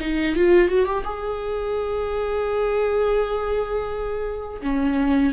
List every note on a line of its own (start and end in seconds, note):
0.00 0.36 D#4
0.36 0.68 F4
0.68 0.86 F#4
0.86 1.04 G4
1.04 4.61 G#4
4.62 5.33 C#4